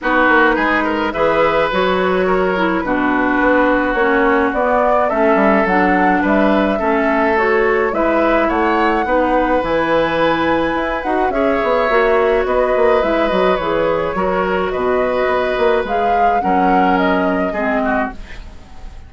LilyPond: <<
  \new Staff \with { instrumentName = "flute" } { \time 4/4 \tempo 4 = 106 b'2 e''4 cis''4~ | cis''4 b'2 cis''4 | d''4 e''4 fis''4 e''4~ | e''4 cis''4 e''4 fis''4~ |
fis''4 gis''2~ gis''8 fis''8 | e''2 dis''4 e''8 dis''8 | cis''2 dis''2 | f''4 fis''4 dis''2 | }
  \new Staff \with { instrumentName = "oboe" } { \time 4/4 fis'4 gis'8 ais'8 b'2 | ais'4 fis'2.~ | fis'4 a'2 b'4 | a'2 b'4 cis''4 |
b'1 | cis''2 b'2~ | b'4 ais'4 b'2~ | b'4 ais'2 gis'8 fis'8 | }
  \new Staff \with { instrumentName = "clarinet" } { \time 4/4 dis'2 gis'4 fis'4~ | fis'8 e'8 d'2 cis'4 | b4 cis'4 d'2 | cis'4 fis'4 e'2 |
dis'4 e'2~ e'8 fis'8 | gis'4 fis'2 e'8 fis'8 | gis'4 fis'2. | gis'4 cis'2 c'4 | }
  \new Staff \with { instrumentName = "bassoon" } { \time 4/4 b8 ais8 gis4 e4 fis4~ | fis4 b,4 b4 ais4 | b4 a8 g8 fis4 g4 | a2 gis4 a4 |
b4 e2 e'8 dis'8 | cis'8 b8 ais4 b8 ais8 gis8 fis8 | e4 fis4 b,4 b8 ais8 | gis4 fis2 gis4 | }
>>